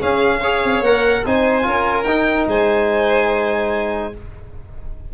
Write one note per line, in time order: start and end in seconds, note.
0.00 0.41 C#4
0.00 0.64 C#4
0.00 0.40 G#4
0.00 0.83 F5
0.40 0.84 G#4
0.40 1.22 C#5
0.64 0.80 C4
0.80 1.21 A#3
0.80 1.25 A#4
0.80 1.24 F#5
1.25 1.66 C4
1.25 1.62 D#4
1.25 1.66 C5
1.25 2.03 G#5
1.62 2.04 C#4
1.62 2.04 F4
1.62 2.48 A#4
2.03 2.45 D#4
2.03 4.13 D#4
2.03 2.44 G5
2.47 4.11 G#3
2.47 4.12 C5
2.47 4.13 G#5